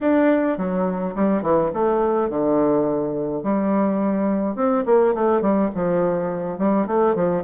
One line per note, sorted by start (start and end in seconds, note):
0.01 0.57 D4
0.57 1.14 F#3
1.15 1.42 G3
1.42 1.71 E3
1.73 2.29 A3
2.29 3.43 D3
3.43 4.55 G3
4.55 4.84 C4
4.85 5.14 A#3
5.14 5.41 A3
5.41 5.70 G3
5.74 6.58 F3
6.58 6.86 G3
6.86 7.15 A3
7.15 7.43 F3